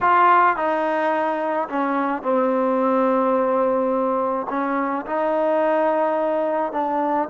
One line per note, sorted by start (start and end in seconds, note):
0.01 0.56 F4
0.56 1.68 D#4
1.68 2.22 C#4
2.22 4.47 C4
4.49 5.05 C#4
5.05 6.72 D#4
6.72 7.28 D4